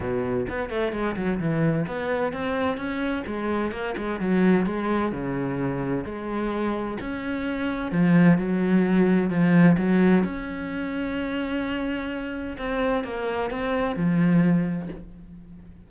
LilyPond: \new Staff \with { instrumentName = "cello" } { \time 4/4 \tempo 4 = 129 b,4 b8 a8 gis8 fis8 e4 | b4 c'4 cis'4 gis4 | ais8 gis8 fis4 gis4 cis4~ | cis4 gis2 cis'4~ |
cis'4 f4 fis2 | f4 fis4 cis'2~ | cis'2. c'4 | ais4 c'4 f2 | }